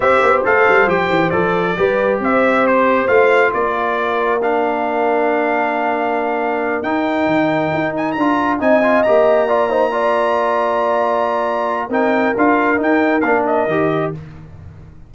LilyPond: <<
  \new Staff \with { instrumentName = "trumpet" } { \time 4/4 \tempo 4 = 136 e''4 f''4 g''4 d''4~ | d''4 e''4 c''4 f''4 | d''2 f''2~ | f''2.~ f''8 g''8~ |
g''2 gis''8 ais''4 gis''8~ | gis''8 ais''2.~ ais''8~ | ais''2. g''4 | f''4 g''4 f''8 dis''4. | }
  \new Staff \with { instrumentName = "horn" } { \time 4/4 c''1 | b'4 c''2. | ais'1~ | ais'1~ |
ais'2.~ ais'8 dis''8~ | dis''4. d''8 c''8 d''4.~ | d''2. ais'4~ | ais'1 | }
  \new Staff \with { instrumentName = "trombone" } { \time 4/4 g'4 a'4 g'4 a'4 | g'2. f'4~ | f'2 d'2~ | d'2.~ d'8 dis'8~ |
dis'2~ dis'8 f'4 dis'8 | f'8 g'4 f'8 dis'8 f'4.~ | f'2. dis'4 | f'4 dis'4 d'4 g'4 | }
  \new Staff \with { instrumentName = "tuba" } { \time 4/4 c'8 b8 a8 g8 f8 e8 f4 | g4 c'2 a4 | ais1~ | ais2.~ ais8 dis'8~ |
dis'8 dis4 dis'4 d'4 c'8~ | c'8 ais2.~ ais8~ | ais2. c'4 | d'4 dis'4 ais4 dis4 | }
>>